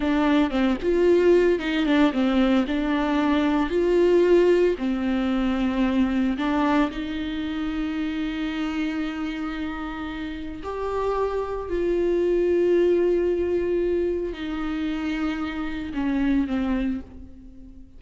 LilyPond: \new Staff \with { instrumentName = "viola" } { \time 4/4 \tempo 4 = 113 d'4 c'8 f'4. dis'8 d'8 | c'4 d'2 f'4~ | f'4 c'2. | d'4 dis'2.~ |
dis'1 | g'2 f'2~ | f'2. dis'4~ | dis'2 cis'4 c'4 | }